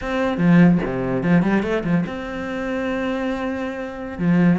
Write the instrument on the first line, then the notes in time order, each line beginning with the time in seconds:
cello
0.01 C4
0.37 F3
0.85 C3
1.23 F3
1.42 G3
1.62 A3
1.84 F3
2.06 C4
4.18 F3